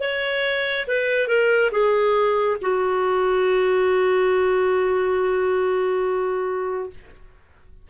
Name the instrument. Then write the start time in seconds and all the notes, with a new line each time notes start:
clarinet
0.00 C#5
0.87 B4
1.28 A#4
1.71 G#4
2.61 F#4